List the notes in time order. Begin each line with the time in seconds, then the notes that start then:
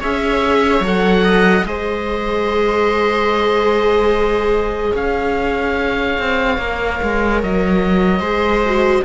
0.00 C#4 G#4 C#5 E5
0.81 F#3 A4 F#5
1.24 D#5
1.63 G#3 G#4 C5 D#5
4.93 C#4 C#5 F5
6.19 C4
6.58 A#3 A#4
7.03 G#3
7.43 F#3 D#5
8.20 G#3 G#4 C5
8.66 F#4